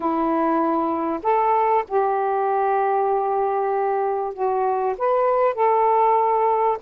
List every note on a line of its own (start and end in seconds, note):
0.00 1.19 E4
1.22 1.84 A4
1.88 4.33 G4
4.33 4.95 F#4
4.97 5.54 B4
5.54 6.78 A4